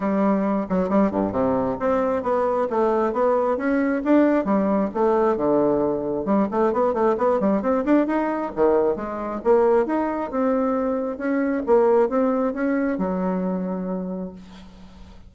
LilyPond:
\new Staff \with { instrumentName = "bassoon" } { \time 4/4 \tempo 4 = 134 g4. fis8 g8 g,8 c4 | c'4 b4 a4 b4 | cis'4 d'4 g4 a4 | d2 g8 a8 b8 a8 |
b8 g8 c'8 d'8 dis'4 dis4 | gis4 ais4 dis'4 c'4~ | c'4 cis'4 ais4 c'4 | cis'4 fis2. | }